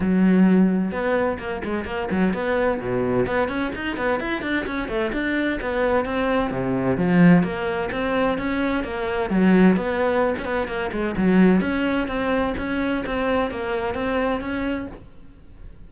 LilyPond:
\new Staff \with { instrumentName = "cello" } { \time 4/4 \tempo 4 = 129 fis2 b4 ais8 gis8 | ais8 fis8 b4 b,4 b8 cis'8 | dis'8 b8 e'8 d'8 cis'8 a8 d'4 | b4 c'4 c4 f4 |
ais4 c'4 cis'4 ais4 | fis4 b4~ b16 cis'16 b8 ais8 gis8 | fis4 cis'4 c'4 cis'4 | c'4 ais4 c'4 cis'4 | }